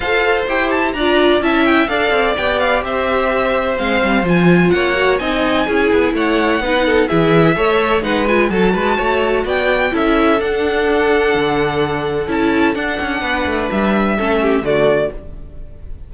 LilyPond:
<<
  \new Staff \with { instrumentName = "violin" } { \time 4/4 \tempo 4 = 127 f''4 g''8 a''8 ais''4 a''8 g''8 | f''4 g''8 f''8 e''2 | f''4 gis''4 fis''4 gis''4~ | gis''4 fis''2 e''4~ |
e''4 fis''8 gis''8 a''2 | g''4 e''4 fis''2~ | fis''2 a''4 fis''4~ | fis''4 e''2 d''4 | }
  \new Staff \with { instrumentName = "violin" } { \time 4/4 c''2 d''4 e''4 | d''2 c''2~ | c''2 cis''4 dis''4 | gis'4 cis''4 b'8 a'8 gis'4 |
cis''4 b'4 a'8 b'8 cis''4 | d''4 a'2.~ | a'1 | b'2 a'8 g'8 fis'4 | }
  \new Staff \with { instrumentName = "viola" } { \time 4/4 a'4 g'4 f'4 e'4 | a'4 g'2. | c'4 f'4. fis'8 dis'4 | e'2 dis'4 e'4 |
a'4 dis'8 f'8 fis'2~ | fis'4 e'4 d'2~ | d'2 e'4 d'4~ | d'2 cis'4 a4 | }
  \new Staff \with { instrumentName = "cello" } { \time 4/4 f'4 e'4 d'4 cis'4 | d'8 c'8 b4 c'2 | gis8 g8 f4 ais4 c'4 | cis'8 b8 a4 b4 e4 |
a4 gis4 fis8 gis8 a4 | b4 cis'4 d'2 | d2 cis'4 d'8 cis'8 | b8 a8 g4 a4 d4 | }
>>